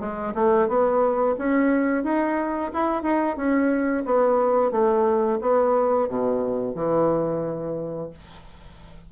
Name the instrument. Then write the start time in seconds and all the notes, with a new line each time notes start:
bassoon
0.00 G#3
0.35 A3
0.68 B3
1.39 C#4
2.04 D#4
2.73 E4
3.03 D#4
3.37 C#4
4.06 B3
4.72 A3
5.41 B3
6.09 B2
6.75 E3